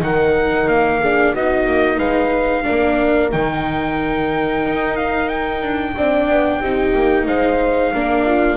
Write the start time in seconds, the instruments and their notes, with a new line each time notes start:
0.00 double bass D#3, viola D#4, horn A#4, trumpet F#5
0.68 double bass A#3, trumpet F5
1.01 viola D4, horn G#4
1.34 double bass B3, viola D#4, horn F#4, trumpet D#5
1.67 double bass A#3
1.98 double bass G#3, horn B4, trumpet F5
2.64 double bass A#3, viola D4, horn A#4
3.32 double bass D#3, viola D#4, trumpet G5
4.66 double bass D#4
4.96 trumpet F5
5.29 trumpet G5
5.63 double bass D4
5.97 double bass C4, viola D4, horn D5
6.30 double bass B3
6.60 double bass C4, viola D#4, horn G4
6.95 double bass A#3
7.27 double bass G#3, horn C5, trumpet F5
7.94 double bass A#3, viola D4, horn A#4
8.26 horn F4